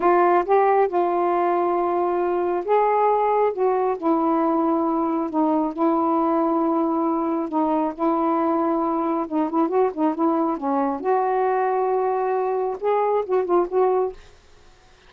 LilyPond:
\new Staff \with { instrumentName = "saxophone" } { \time 4/4 \tempo 4 = 136 f'4 g'4 f'2~ | f'2 gis'2 | fis'4 e'2. | dis'4 e'2.~ |
e'4 dis'4 e'2~ | e'4 dis'8 e'8 fis'8 dis'8 e'4 | cis'4 fis'2.~ | fis'4 gis'4 fis'8 f'8 fis'4 | }